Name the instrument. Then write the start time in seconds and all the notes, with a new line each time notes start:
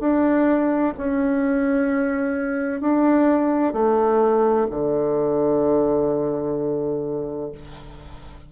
bassoon
0.00 D4
0.98 C#4
2.81 D4
3.73 A3
4.70 D3